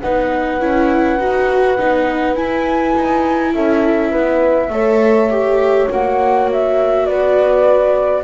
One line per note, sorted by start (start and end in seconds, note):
0.00 0.60 B3
0.00 0.60 D#4
0.00 3.54 B4
0.00 2.35 F#5
0.60 1.18 C#4
0.60 1.19 E4
1.18 1.77 D#4
1.18 1.78 F#4
1.78 2.35 B3
1.78 2.35 D#4
2.35 2.93 E4
2.35 4.71 E4
2.35 3.53 G#5
2.96 3.53 D#4
3.53 4.12 C#4
3.53 4.11 A4
3.53 5.89 E5
4.11 4.69 B3
4.11 4.70 B4
4.69 5.87 A3
4.69 5.29 A4
4.69 7.06 C#5
5.29 5.88 G4
5.89 7.09 A#3
5.89 8.24 F#4
5.89 6.49 F#5
6.52 7.05 E5
7.05 8.24 B3
7.05 8.24 B4
7.05 8.23 D5